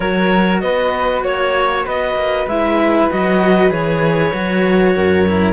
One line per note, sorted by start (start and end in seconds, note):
0.00 0.62 F#3
0.00 2.48 F#4
0.00 0.62 A#4
0.00 0.60 C#5
0.60 1.23 B3
0.60 1.23 B4
0.60 1.22 D#5
1.23 1.85 A#3
1.23 1.85 C#5
1.23 1.86 C#5
1.85 2.15 B3
1.85 4.94 B4
1.85 2.47 D#5
2.15 2.46 A#3
2.46 3.08 G#3
2.46 3.10 E4
2.46 3.09 E5
3.10 3.70 F#3
3.10 3.69 F#4
3.10 3.71 D#5
3.69 4.32 E3
3.69 4.31 G#4
3.69 5.52 C#5
4.33 4.95 F#3
4.33 5.25 F#4
4.95 5.52 F#2
4.95 5.52 A#4
5.27 5.52 E4